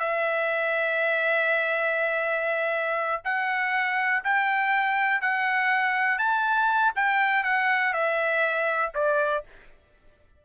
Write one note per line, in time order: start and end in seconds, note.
0.00 3.22 E5
3.25 4.24 F#5
4.24 5.22 G5
5.22 6.19 F#5
6.19 6.93 A5
6.96 7.44 G5
7.44 7.93 F#5
7.93 8.93 E5
8.94 9.44 D5